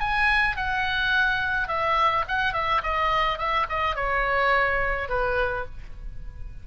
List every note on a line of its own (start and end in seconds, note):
0.00 0.57 G#5
0.57 1.68 F#5
1.68 2.25 E5
2.28 2.53 F#5
2.53 2.81 E5
2.83 3.38 D#5
3.38 3.67 E5
3.69 3.96 D#5
3.96 5.09 C#5
5.09 5.65 B4